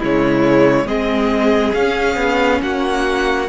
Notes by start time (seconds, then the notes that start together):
0.00 C#3 G#3 E4 C#5
0.86 G#3 C4 G#4 D#5
1.74 C#4 F5
2.16 B3
2.62 A#3 F#4 F#5